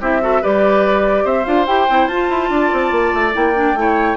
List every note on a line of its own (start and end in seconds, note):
0.00 0.42 C4
0.00 0.21 E4
0.00 0.21 G4
0.00 0.43 E5
0.21 0.42 F#4
0.21 0.41 A4
0.41 1.24 G3
0.41 1.44 G4
0.41 1.24 B4
0.41 1.26 D5
1.24 1.45 C4
1.24 2.49 C5
1.24 1.45 E5
1.44 1.67 D4
1.44 1.65 F4
1.44 1.66 F5
1.66 1.87 E4
1.66 1.87 G4
1.66 2.07 G5
1.89 2.06 C4
1.89 2.10 E4
2.06 2.27 F4
2.06 3.32 F4
2.06 3.32 A5
2.30 2.50 E4
2.50 2.70 D4
2.50 3.79 D5
2.73 2.91 C4
2.91 3.12 A#3
3.14 3.35 A3
3.32 3.73 A#3
3.32 3.53 E4
3.32 4.17 G5
3.55 3.75 D4
3.73 4.15 A3
3.73 4.17 E4
3.80 4.17 C#5